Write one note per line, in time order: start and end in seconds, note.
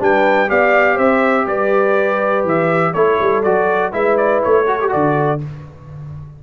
0.00 0.50 G3
0.00 0.48 D4
0.00 0.49 B4
0.00 0.50 G5
0.48 0.98 B3
0.48 2.94 G4
0.48 0.95 D5
0.48 0.98 F5
0.95 1.47 C4
0.95 1.44 C5
0.95 1.47 E5
1.47 2.44 G3
1.47 2.94 B4
1.47 2.46 D5
2.44 2.94 E3
2.44 2.93 E5
2.93 3.19 A3
2.93 3.45 E4
2.93 3.92 A4
2.93 3.43 C#5
3.20 3.45 G3
3.43 3.94 F#3
3.43 3.92 F#4
3.43 3.92 D5
3.92 4.43 G#3
3.92 4.66 E4
3.92 4.66 B4
3.92 4.17 E5
4.17 4.42 D5
4.43 4.94 A3
4.43 4.92 C#5
4.67 4.80 F#4
4.67 5.41 A4
4.80 4.89 G4
4.89 5.43 D3
4.89 5.38 F#4
4.89 5.41 D5